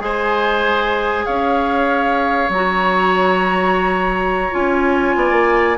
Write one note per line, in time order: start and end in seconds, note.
0.00 1.25 G#3
0.00 2.50 G#4
0.00 1.26 C5
0.00 1.26 G#5
1.26 2.49 C#4
1.26 5.16 C#5
1.26 2.51 F5
2.49 4.52 F#3
2.49 4.51 F#4
2.49 4.54 A#5
4.51 5.15 C#4
4.51 5.76 F4
4.51 5.78 G#5
5.15 5.31 B3
5.15 5.78 D5
5.31 5.78 A#3